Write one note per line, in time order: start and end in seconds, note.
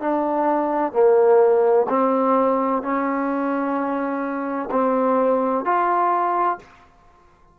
0.00 0.92 D4
0.92 1.86 A#3
1.88 2.82 C4
2.82 4.69 C#4
4.71 5.65 C4
5.65 6.58 F4